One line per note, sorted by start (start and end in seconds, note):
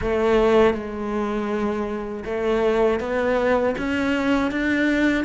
0.01 0.74 A3
0.74 2.24 G#3
2.25 3.00 A3
3.00 3.75 B3
3.77 4.51 C#4
4.51 5.24 D4